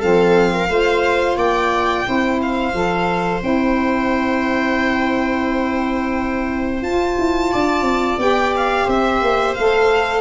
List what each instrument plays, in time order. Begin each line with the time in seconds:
0.00 tuba F3, saxophone C4, viola A4, violin F5
0.54 viola A#4
0.69 tuba A3, saxophone F4, viola C5
1.36 tuba A#3, viola D5, violin G5
2.04 tuba C4, saxophone E4, viola C5
2.42 violin F5
2.74 tuba F3, saxophone A4
3.41 tuba C4, saxophone E4, violin G5
6.82 tuba F4, saxophone F4, violin A5
7.19 tuba E4
7.51 tuba D4, viola D5
7.82 tuba C4
8.17 tuba B3, saxophone G4, violin G5
8.56 violin F5
8.85 tuba C4, viola C5, violin E5
9.22 tuba A#3
9.55 tuba A3, saxophone A4, violin F5